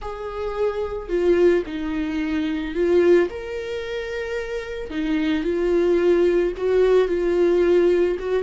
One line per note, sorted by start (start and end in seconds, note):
0.01 1.08 G#4
1.08 1.63 F4
1.65 2.74 D#4
2.74 3.29 F4
3.29 4.90 A#4
4.90 5.43 D#4
5.43 6.52 F4
6.57 7.08 F#4
7.08 8.17 F4
8.19 8.43 F#4